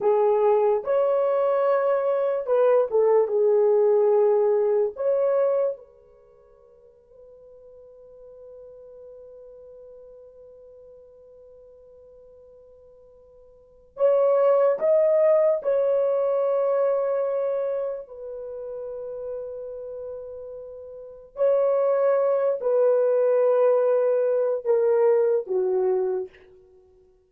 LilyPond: \new Staff \with { instrumentName = "horn" } { \time 4/4 \tempo 4 = 73 gis'4 cis''2 b'8 a'8 | gis'2 cis''4 b'4~ | b'1~ | b'1~ |
b'4 cis''4 dis''4 cis''4~ | cis''2 b'2~ | b'2 cis''4. b'8~ | b'2 ais'4 fis'4 | }